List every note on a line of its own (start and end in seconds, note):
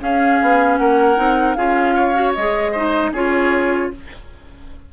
0.00 1.16 C#4
0.00 0.39 C#4
0.00 0.80 G#4
0.00 0.77 F5
0.42 0.78 B3
0.77 1.17 A#3
0.77 1.57 A#4
0.77 1.55 F#5
1.16 1.56 C4
1.16 1.55 D#4
1.55 2.34 C#4
1.55 2.15 F4
1.55 1.95 G#4
1.55 2.32 F5
1.95 2.72 C#5
2.15 2.34 F#4
2.34 3.11 G#3
2.34 2.76 G#4
2.34 3.12 D#5
2.72 3.15 D#4
2.72 3.11 C5
3.11 3.89 C#4
3.11 3.93 F4
3.11 3.90 G#4
3.11 3.92 C#5